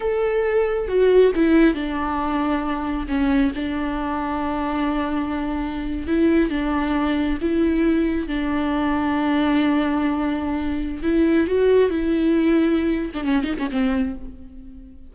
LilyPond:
\new Staff \with { instrumentName = "viola" } { \time 4/4 \tempo 4 = 136 a'2 fis'4 e'4 | d'2. cis'4 | d'1~ | d'4.~ d'16 e'4 d'4~ d'16~ |
d'8. e'2 d'4~ d'16~ | d'1~ | d'4 e'4 fis'4 e'4~ | e'4.~ e'16 d'16 cis'8 dis'16 cis'16 c'4 | }